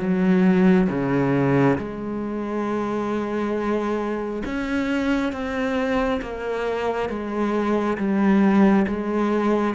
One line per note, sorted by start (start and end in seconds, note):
0.00 0.88 F#3
0.89 1.78 C#3
1.78 4.43 G#3
4.45 5.33 C#4
5.33 6.21 C4
6.22 7.09 A#3
7.09 7.97 G#3
7.98 8.86 G3
8.88 9.75 G#3